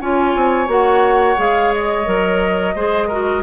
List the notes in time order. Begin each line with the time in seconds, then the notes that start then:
0.00 C#4 F4 C#5 G#5
0.35 C4
0.67 A#3 F#4 F#5
1.36 G#3 G#4 F5
1.73 D#5
2.06 F#3 A#4
2.75 G#3 G#4 C5
3.08 F#4 A#4